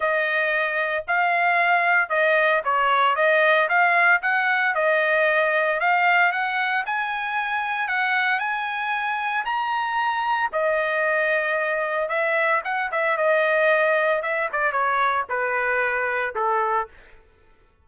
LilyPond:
\new Staff \with { instrumentName = "trumpet" } { \time 4/4 \tempo 4 = 114 dis''2 f''2 | dis''4 cis''4 dis''4 f''4 | fis''4 dis''2 f''4 | fis''4 gis''2 fis''4 |
gis''2 ais''2 | dis''2. e''4 | fis''8 e''8 dis''2 e''8 d''8 | cis''4 b'2 a'4 | }